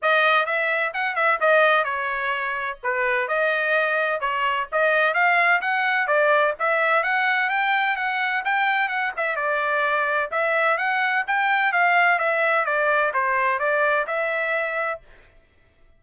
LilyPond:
\new Staff \with { instrumentName = "trumpet" } { \time 4/4 \tempo 4 = 128 dis''4 e''4 fis''8 e''8 dis''4 | cis''2 b'4 dis''4~ | dis''4 cis''4 dis''4 f''4 | fis''4 d''4 e''4 fis''4 |
g''4 fis''4 g''4 fis''8 e''8 | d''2 e''4 fis''4 | g''4 f''4 e''4 d''4 | c''4 d''4 e''2 | }